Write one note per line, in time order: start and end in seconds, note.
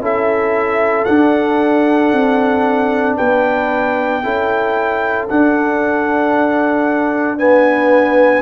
0.00 1.05 C#4
0.00 1.07 E4
0.00 3.17 A4
0.00 1.05 E5
1.05 2.13 D4
1.05 4.23 D4
1.05 3.15 F#5
2.13 3.18 C4
3.17 4.24 B3
3.17 4.22 B4
3.17 5.28 G5
4.23 5.30 C#4
4.23 5.29 E4
4.23 7.39 A4
5.29 7.39 D4
5.29 8.42 D4
5.29 7.39 F#5
7.39 8.42 B3
7.39 8.42 B4
7.39 8.42 G#5